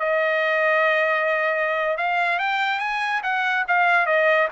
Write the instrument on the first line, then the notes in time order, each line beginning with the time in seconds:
trumpet
0.00 D#5
1.98 F5
2.40 G5
2.80 G#5
3.23 F#5
3.68 F5
4.07 D#5